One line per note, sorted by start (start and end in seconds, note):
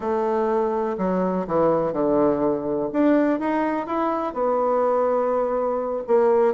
0.00 0.96 A3
0.98 1.46 F#3
1.47 1.92 E3
1.92 2.89 D3
2.92 3.39 D4
3.39 3.86 D#4
3.86 4.33 E4
4.33 6.03 B3
6.07 6.54 A#3